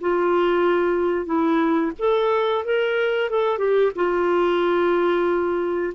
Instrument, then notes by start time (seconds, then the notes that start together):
clarinet
0.00 F4
1.25 E4
1.98 A4
2.64 A#4
3.29 A4
3.58 G4
3.95 F4